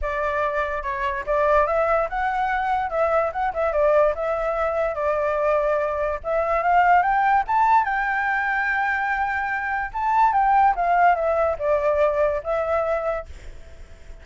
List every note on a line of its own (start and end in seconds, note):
0.01 0.82 D5
0.82 1.24 C#5
1.26 1.67 D5
1.67 2.08 E5
2.09 2.89 F#5
2.89 3.31 E5
3.32 3.53 F#5
3.53 3.72 E5
3.72 4.14 D5
4.14 4.94 E5
4.94 6.19 D5
6.23 6.62 E5
6.62 7.02 F5
7.02 7.43 G5
7.47 7.84 A5
7.84 9.91 G5
9.93 10.32 A5
10.32 10.74 G5
10.75 11.15 F5
11.15 11.56 E5
11.58 12.41 D5
12.43 13.26 E5